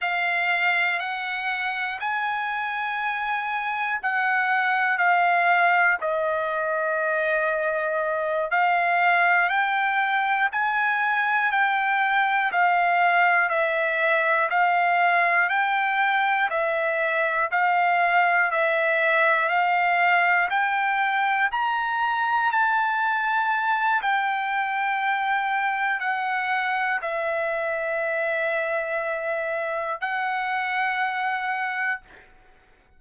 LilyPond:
\new Staff \with { instrumentName = "trumpet" } { \time 4/4 \tempo 4 = 60 f''4 fis''4 gis''2 | fis''4 f''4 dis''2~ | dis''8 f''4 g''4 gis''4 g''8~ | g''8 f''4 e''4 f''4 g''8~ |
g''8 e''4 f''4 e''4 f''8~ | f''8 g''4 ais''4 a''4. | g''2 fis''4 e''4~ | e''2 fis''2 | }